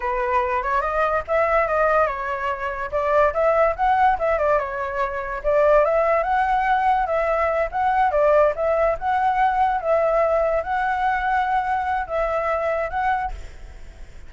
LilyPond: \new Staff \with { instrumentName = "flute" } { \time 4/4 \tempo 4 = 144 b'4. cis''8 dis''4 e''4 | dis''4 cis''2 d''4 | e''4 fis''4 e''8 d''8 cis''4~ | cis''4 d''4 e''4 fis''4~ |
fis''4 e''4. fis''4 d''8~ | d''8 e''4 fis''2 e''8~ | e''4. fis''2~ fis''8~ | fis''4 e''2 fis''4 | }